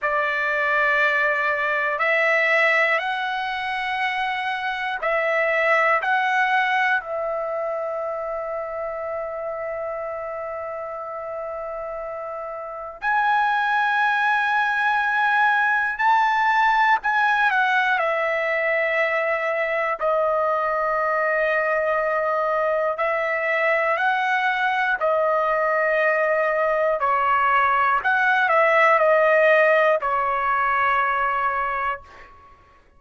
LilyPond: \new Staff \with { instrumentName = "trumpet" } { \time 4/4 \tempo 4 = 60 d''2 e''4 fis''4~ | fis''4 e''4 fis''4 e''4~ | e''1~ | e''4 gis''2. |
a''4 gis''8 fis''8 e''2 | dis''2. e''4 | fis''4 dis''2 cis''4 | fis''8 e''8 dis''4 cis''2 | }